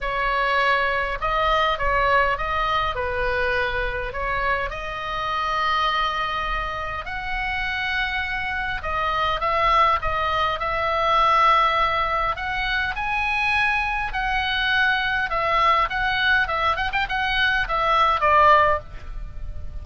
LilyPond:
\new Staff \with { instrumentName = "oboe" } { \time 4/4 \tempo 4 = 102 cis''2 dis''4 cis''4 | dis''4 b'2 cis''4 | dis''1 | fis''2. dis''4 |
e''4 dis''4 e''2~ | e''4 fis''4 gis''2 | fis''2 e''4 fis''4 | e''8 fis''16 g''16 fis''4 e''4 d''4 | }